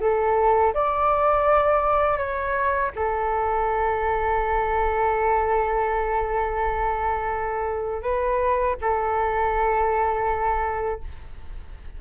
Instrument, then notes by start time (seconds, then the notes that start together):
flute
0.00 A4
0.74 D5
2.18 C#5
2.95 A4
8.02 B4
8.81 A4